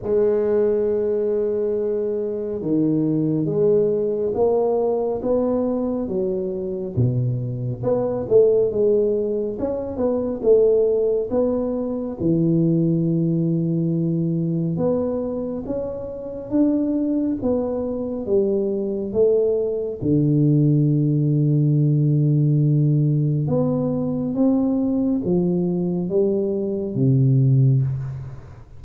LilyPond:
\new Staff \with { instrumentName = "tuba" } { \time 4/4 \tempo 4 = 69 gis2. dis4 | gis4 ais4 b4 fis4 | b,4 b8 a8 gis4 cis'8 b8 | a4 b4 e2~ |
e4 b4 cis'4 d'4 | b4 g4 a4 d4~ | d2. b4 | c'4 f4 g4 c4 | }